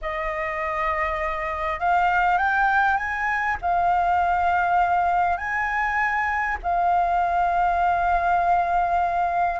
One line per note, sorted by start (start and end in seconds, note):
0.01 1.79 D#5
1.79 2.38 F5
2.38 2.96 G5
2.96 3.56 G#5
3.61 5.37 F5
5.37 6.57 G#5
6.62 9.59 F5